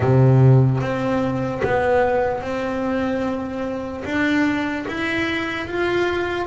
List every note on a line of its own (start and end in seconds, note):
0.00 0.80 C3
0.80 1.61 C4
1.63 2.41 B3
2.41 4.03 C4
4.04 4.85 D4
4.88 5.67 E4
5.67 6.46 F4